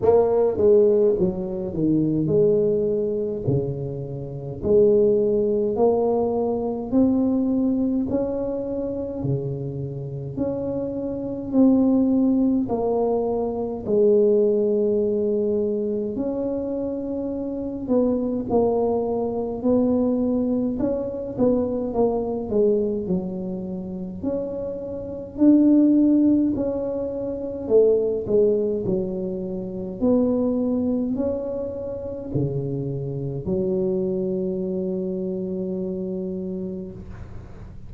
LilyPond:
\new Staff \with { instrumentName = "tuba" } { \time 4/4 \tempo 4 = 52 ais8 gis8 fis8 dis8 gis4 cis4 | gis4 ais4 c'4 cis'4 | cis4 cis'4 c'4 ais4 | gis2 cis'4. b8 |
ais4 b4 cis'8 b8 ais8 gis8 | fis4 cis'4 d'4 cis'4 | a8 gis8 fis4 b4 cis'4 | cis4 fis2. | }